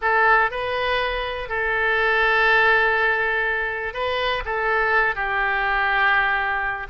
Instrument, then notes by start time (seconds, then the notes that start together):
oboe
0.01 A4
0.50 B4
1.49 A4
3.93 B4
4.45 A4
5.15 G4